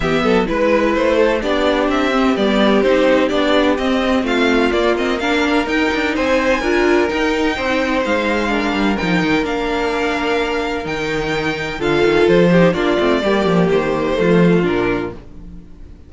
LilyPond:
<<
  \new Staff \with { instrumentName = "violin" } { \time 4/4 \tempo 4 = 127 e''4 b'4 c''4 d''4 | e''4 d''4 c''4 d''4 | dis''4 f''4 d''8 dis''8 f''4 | g''4 gis''2 g''4~ |
g''4 f''2 g''4 | f''2. g''4~ | g''4 f''4 c''4 d''4~ | d''4 c''2 ais'4 | }
  \new Staff \with { instrumentName = "violin" } { \time 4/4 g'8 a'8 b'4. a'8 g'4~ | g'1~ | g'4 f'2 ais'4~ | ais'4 c''4 ais'2 |
c''2 ais'2~ | ais'1~ | ais'4 a'4. g'8 f'4 | g'2 f'2 | }
  \new Staff \with { instrumentName = "viola" } { \time 4/4 b4 e'2 d'4~ | d'8 c'8 b4 dis'4 d'4 | c'2 ais8 c'8 d'4 | dis'2 f'4 dis'4~ |
dis'2 d'4 dis'4 | d'2. dis'4~ | dis'4 f'4. dis'8 d'8 c'8 | ais2 a4 d'4 | }
  \new Staff \with { instrumentName = "cello" } { \time 4/4 e8 fis8 gis4 a4 b4 | c'4 g4 c'4 b4 | c'4 a4 ais2 | dis'8 d'8 c'4 d'4 dis'4 |
c'4 gis4. g8 f8 dis8 | ais2. dis4~ | dis4 d8 dis8 f4 ais8 a8 | g8 f8 dis4 f4 ais,4 | }
>>